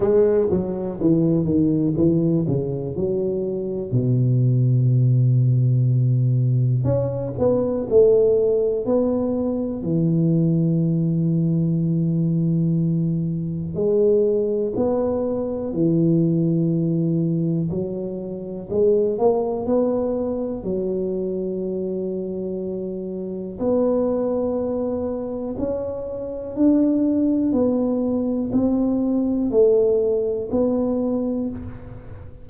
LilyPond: \new Staff \with { instrumentName = "tuba" } { \time 4/4 \tempo 4 = 61 gis8 fis8 e8 dis8 e8 cis8 fis4 | b,2. cis'8 b8 | a4 b4 e2~ | e2 gis4 b4 |
e2 fis4 gis8 ais8 | b4 fis2. | b2 cis'4 d'4 | b4 c'4 a4 b4 | }